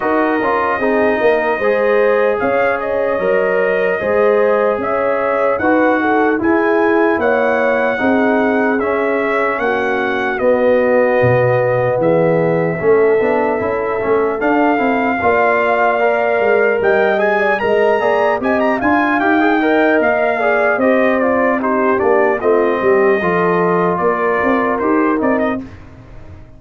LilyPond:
<<
  \new Staff \with { instrumentName = "trumpet" } { \time 4/4 \tempo 4 = 75 dis''2. f''8 dis''8~ | dis''2 e''4 fis''4 | gis''4 fis''2 e''4 | fis''4 dis''2 e''4~ |
e''2 f''2~ | f''4 g''8 gis''8 ais''4 gis''16 ais''16 gis''8 | g''4 f''4 dis''8 d''8 c''8 d''8 | dis''2 d''4 c''8 d''16 dis''16 | }
  \new Staff \with { instrumentName = "horn" } { \time 4/4 ais'4 gis'8 ais'8 c''4 cis''4~ | cis''4 c''4 cis''4 b'8 a'8 | gis'4 cis''4 gis'2 | fis'2. gis'4 |
a'2. d''4~ | d''4 dis''8. d''16 dis''8 d''8 dis''8 f''8~ | f''8 dis''4 d''8 c''4 g'4 | f'8 g'8 a'4 ais'2 | }
  \new Staff \with { instrumentName = "trombone" } { \time 4/4 fis'8 f'8 dis'4 gis'2 | ais'4 gis'2 fis'4 | e'2 dis'4 cis'4~ | cis'4 b2. |
cis'8 d'8 e'8 cis'8 d'8 e'8 f'4 | ais'4. gis'8 ais'8 gis'8 g'8 f'8 | g'16 gis'16 ais'4 gis'8 g'8 f'8 dis'8 d'8 | c'4 f'2 g'8 dis'8 | }
  \new Staff \with { instrumentName = "tuba" } { \time 4/4 dis'8 cis'8 c'8 ais8 gis4 cis'4 | fis4 gis4 cis'4 dis'4 | e'4 ais4 c'4 cis'4 | ais4 b4 b,4 e4 |
a8 b8 cis'8 a8 d'8 c'8 ais4~ | ais8 gis8 g4 gis8 ais8 c'8 d'8 | dis'4 ais4 c'4. ais8 | a8 g8 f4 ais8 c'8 dis'8 c'8 | }
>>